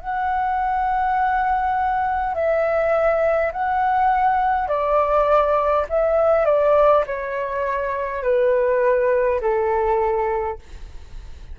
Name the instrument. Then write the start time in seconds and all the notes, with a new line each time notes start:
flute
0.00 F#5
2.34 E5
3.52 F#5
4.67 D5
5.89 E5
6.45 D5
7.06 C#5
8.22 B4
9.41 A4